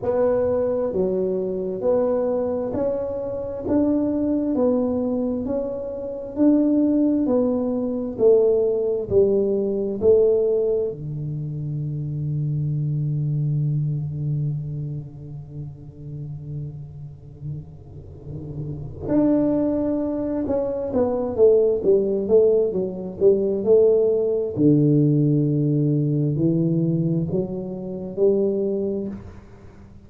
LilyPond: \new Staff \with { instrumentName = "tuba" } { \time 4/4 \tempo 4 = 66 b4 fis4 b4 cis'4 | d'4 b4 cis'4 d'4 | b4 a4 g4 a4 | d1~ |
d1~ | d4 d'4. cis'8 b8 a8 | g8 a8 fis8 g8 a4 d4~ | d4 e4 fis4 g4 | }